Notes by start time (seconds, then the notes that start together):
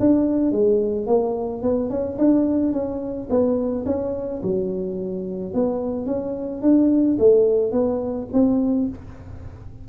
0.00 D4
0.52 G#3
1.07 A#3
1.62 B3
1.90 C#4
2.18 D4
2.72 C#4
3.30 B3
3.86 C#4
4.43 F#3
5.54 B3
6.06 C#4
6.62 D4
7.19 A3
7.72 B3
8.33 C4